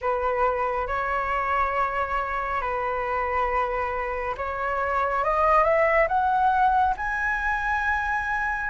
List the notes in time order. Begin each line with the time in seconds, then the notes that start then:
0.01 B4
0.87 C#5
2.61 B4
4.37 C#5
5.24 D#5
5.64 E5
6.08 F#5
6.96 G#5